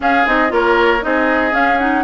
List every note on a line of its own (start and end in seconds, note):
0.00 0.23 C#4
0.00 0.25 C#4
0.00 0.52 G#4
0.00 0.27 F5
0.25 0.51 C4
0.25 0.48 D#4
0.25 0.52 D#5
0.48 1.02 A#3
0.48 1.00 F4
0.48 1.04 A#4
0.48 1.03 C#5
1.01 1.52 C4
1.01 1.51 D#4
1.01 2.04 G#4
1.01 1.53 D#5
1.51 1.77 C#4
1.51 2.04 C#4
1.51 1.78 F5
1.78 2.04 D#4
1.78 2.04 F#5